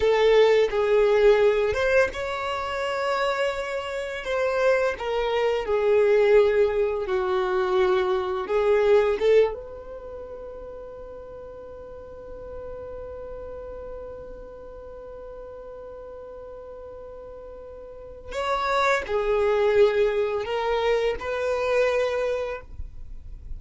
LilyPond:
\new Staff \with { instrumentName = "violin" } { \time 4/4 \tempo 4 = 85 a'4 gis'4. c''8 cis''4~ | cis''2 c''4 ais'4 | gis'2 fis'2 | gis'4 a'8 b'2~ b'8~ |
b'1~ | b'1~ | b'2 cis''4 gis'4~ | gis'4 ais'4 b'2 | }